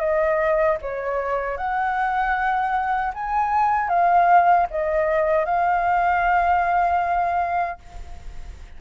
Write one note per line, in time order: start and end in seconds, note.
0.00 0.78 D#5
0.82 1.57 C#5
1.57 3.13 F#5
3.15 3.89 G#5
3.89 4.67 F5
4.71 5.45 D#5
5.45 7.79 F5